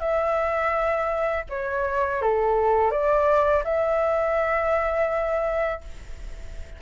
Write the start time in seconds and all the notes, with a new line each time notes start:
0.00 E5
1.50 C#5
2.22 A4
2.91 D5
3.64 E5